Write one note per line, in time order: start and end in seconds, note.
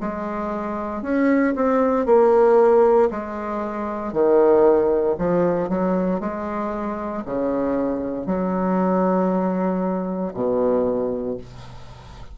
0.00 1.02 G#3
1.02 1.54 C#4
1.55 2.05 C4
2.05 3.09 A#3
3.10 4.12 G#3
4.12 5.16 D#3
5.18 5.68 F3
5.68 6.20 F#3
6.20 7.23 G#3
7.25 8.26 C#3
8.26 10.33 F#3
10.34 11.37 B2